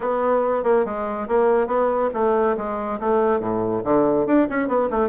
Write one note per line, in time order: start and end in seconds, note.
0.00 0.63 B3
0.63 0.85 A#3
0.85 1.27 G#3
1.28 1.67 A#3
1.67 2.09 B3
2.13 2.56 A3
2.57 2.99 G#3
2.99 3.40 A3
3.40 3.82 A2
3.84 4.26 D3
4.26 4.47 D4
4.49 4.68 C#4
4.68 4.89 B3
4.90 5.09 A3